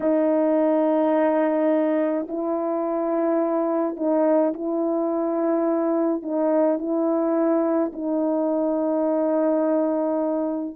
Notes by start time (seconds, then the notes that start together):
0.00 D#4
2.28 E4
3.96 D#4
4.53 E4
6.22 D#4
6.78 E4
7.92 D#4